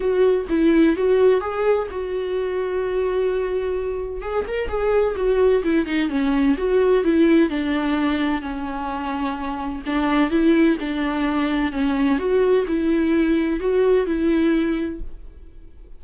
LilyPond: \new Staff \with { instrumentName = "viola" } { \time 4/4 \tempo 4 = 128 fis'4 e'4 fis'4 gis'4 | fis'1~ | fis'4 gis'8 ais'8 gis'4 fis'4 | e'8 dis'8 cis'4 fis'4 e'4 |
d'2 cis'2~ | cis'4 d'4 e'4 d'4~ | d'4 cis'4 fis'4 e'4~ | e'4 fis'4 e'2 | }